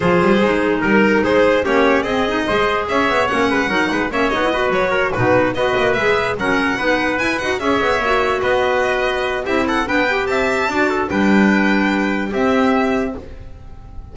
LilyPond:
<<
  \new Staff \with { instrumentName = "violin" } { \time 4/4 \tempo 4 = 146 c''2 ais'4 c''4 | cis''4 dis''2 e''4 | fis''2 e''8 dis''4 cis''8~ | cis''8 b'4 dis''4 e''4 fis''8~ |
fis''4. gis''8 fis''8 e''4.~ | e''8 dis''2~ dis''8 e''8 fis''8 | g''4 a''2 g''4~ | g''2 e''2 | }
  \new Staff \with { instrumentName = "trumpet" } { \time 4/4 gis'2 ais'4 gis'4 | g'4 gis'4 c''4 cis''4~ | cis''8 b'8 ais'8 b'8 cis''4 b'4 | ais'8 fis'4 b'2 ais'8~ |
ais'8 b'2 cis''4.~ | cis''8 b'2~ b'8 g'8 a'8 | b'4 e''4 d''8 a'8 b'4~ | b'2 g'2 | }
  \new Staff \with { instrumentName = "clarinet" } { \time 4/4 f'4 dis'2. | cis'4 c'8 dis'8 gis'2 | cis'4 dis'4 cis'8 dis'16 e'16 fis'4~ | fis'8 dis'4 fis'4 gis'4 cis'8~ |
cis'8 dis'4 e'8 fis'8 gis'4 fis'8~ | fis'2. e'4 | d'8 g'4. fis'4 d'4~ | d'2 c'2 | }
  \new Staff \with { instrumentName = "double bass" } { \time 4/4 f8 g8 gis4 g4 gis4 | ais4 c'4 gis4 cis'8 b8 | ais8 gis8 fis8 gis8 ais8 b4 fis8~ | fis8 b,4 b8 ais8 gis4 fis8~ |
fis8 b4 e'8 dis'8 cis'8 b8 ais8~ | ais8 b2~ b8 c'4 | b4 c'4 d'4 g4~ | g2 c'2 | }
>>